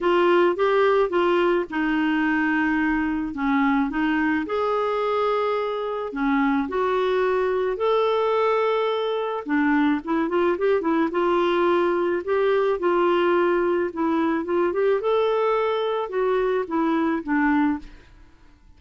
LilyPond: \new Staff \with { instrumentName = "clarinet" } { \time 4/4 \tempo 4 = 108 f'4 g'4 f'4 dis'4~ | dis'2 cis'4 dis'4 | gis'2. cis'4 | fis'2 a'2~ |
a'4 d'4 e'8 f'8 g'8 e'8 | f'2 g'4 f'4~ | f'4 e'4 f'8 g'8 a'4~ | a'4 fis'4 e'4 d'4 | }